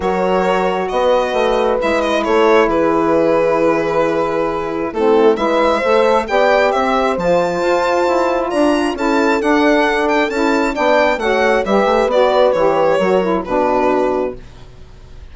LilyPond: <<
  \new Staff \with { instrumentName = "violin" } { \time 4/4 \tempo 4 = 134 cis''2 dis''2 | e''8 dis''8 cis''4 b'2~ | b'2. a'4 | e''2 g''4 e''4 |
a''2. ais''4 | a''4 fis''4. g''8 a''4 | g''4 fis''4 e''4 d''4 | cis''2 b'2 | }
  \new Staff \with { instrumentName = "horn" } { \time 4/4 ais'2 b'2~ | b'4 a'4 gis'2~ | gis'2. e'4 | b'4 c''4 d''4 c''4~ |
c''2. d''4 | a'1 | d''4 cis''4 b'2~ | b'4 ais'4 fis'2 | }
  \new Staff \with { instrumentName = "saxophone" } { \time 4/4 fis'1 | e'1~ | e'2. c'4 | e'4 a'4 g'2 |
f'1 | e'4 d'2 e'4 | d'4 fis'4 g'4 fis'4 | g'4 fis'8 e'8 d'2 | }
  \new Staff \with { instrumentName = "bassoon" } { \time 4/4 fis2 b4 a4 | gis4 a4 e2~ | e2. a4 | gis4 a4 b4 c'4 |
f4 f'4 e'4 d'4 | cis'4 d'2 cis'4 | b4 a4 g8 a8 b4 | e4 fis4 b,2 | }
>>